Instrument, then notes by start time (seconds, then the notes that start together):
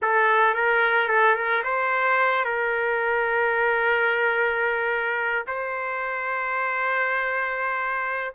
trumpet
0.02 A4
0.54 A#4
1.08 A4
1.35 A#4
1.63 C5
2.44 A#4
5.47 C5